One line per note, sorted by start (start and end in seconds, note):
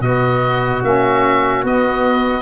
0.00 0.81 B2
0.00 0.83 B3
0.00 2.42 F#4
0.00 0.82 D#5
0.83 1.64 A#3
0.83 1.64 C#4
0.83 1.65 E5
1.64 2.42 B3
1.64 2.42 D#5